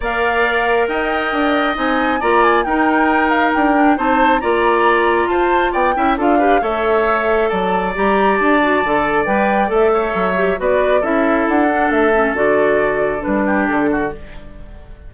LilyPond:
<<
  \new Staff \with { instrumentName = "flute" } { \time 4/4 \tempo 4 = 136 f''2 g''2 | gis''4 ais''8 gis''8 g''4. f''8 | g''4 a''4 ais''2 | a''4 g''4 f''4 e''4~ |
e''4 a''4 ais''4 a''4~ | a''4 g''4 e''2 | d''4 e''4 fis''4 e''4 | d''2 b'4 a'4 | }
  \new Staff \with { instrumentName = "oboe" } { \time 4/4 d''2 dis''2~ | dis''4 d''4 ais'2~ | ais'4 c''4 d''2 | c''4 d''8 e''8 a'8 b'8 cis''4~ |
cis''4 d''2.~ | d''2~ d''8 cis''4. | b'4 a'2.~ | a'2~ a'8 g'4 fis'8 | }
  \new Staff \with { instrumentName = "clarinet" } { \time 4/4 ais'1 | dis'4 f'4 dis'2~ | dis'8 d'8 dis'4 f'2~ | f'4. e'8 f'8 g'8 a'4~ |
a'2 g'4. fis'8 | a'4 b'4 a'4. g'8 | fis'4 e'4. d'4 cis'8 | fis'2 d'2 | }
  \new Staff \with { instrumentName = "bassoon" } { \time 4/4 ais2 dis'4 d'4 | c'4 ais4 dis'2 | d'4 c'4 ais2 | f'4 b8 cis'8 d'4 a4~ |
a4 fis4 g4 d'4 | d4 g4 a4 fis4 | b4 cis'4 d'4 a4 | d2 g4 d4 | }
>>